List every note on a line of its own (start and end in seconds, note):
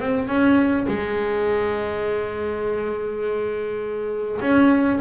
0.00 0.28 C4
0.28 0.86 C#4
0.87 4.40 G#3
4.41 4.99 C#4